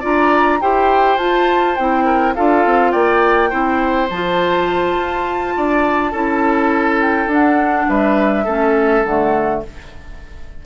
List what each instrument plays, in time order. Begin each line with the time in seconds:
0.00 bassoon D4, clarinet F4, oboe D5, flute A#5
0.61 bassoon E4, clarinet G4, oboe C5, flute G5
1.17 bassoon F4, clarinet F4, flute A5
1.76 bassoon C4, clarinet E4, flute G5
2.05 oboe A#4
2.35 bassoon D4, clarinet F4, oboe A4, flute F5
2.66 bassoon C4
2.92 bassoon A#3, oboe D5, flute G5
3.50 bassoon C4, clarinet E4, oboe C5
4.10 bassoon F3, clarinet F4, flute A5
4.98 bassoon F4
5.57 bassoon D4, oboe D5
6.12 bassoon C#4, clarinet E4, oboe A4
7.01 flute G5
7.27 bassoon D4, clarinet D4, flute F#5
7.89 bassoon G3, oboe B4, flute E5
8.44 bassoon A3, clarinet C#4, oboe A4
9.05 bassoon D3, clarinet A3, flute F#5